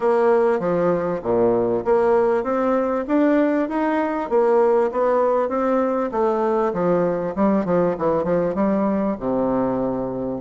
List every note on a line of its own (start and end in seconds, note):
0.00 0.59 A#3
0.59 1.21 F3
1.22 1.84 A#2
1.84 2.43 A#3
2.43 3.04 C4
3.07 3.68 D4
3.68 4.29 D#4
4.29 4.91 A#3
4.91 5.49 B3
5.49 6.10 C4
6.11 6.72 A3
6.73 7.34 F3
7.35 7.65 G3
7.65 7.95 F3
7.98 8.24 E3
8.24 8.54 F3
8.55 9.16 G3
9.19 10.41 C3